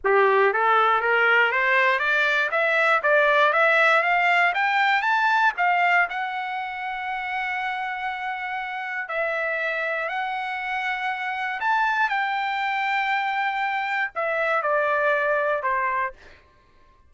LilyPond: \new Staff \with { instrumentName = "trumpet" } { \time 4/4 \tempo 4 = 119 g'4 a'4 ais'4 c''4 | d''4 e''4 d''4 e''4 | f''4 g''4 a''4 f''4 | fis''1~ |
fis''2 e''2 | fis''2. a''4 | g''1 | e''4 d''2 c''4 | }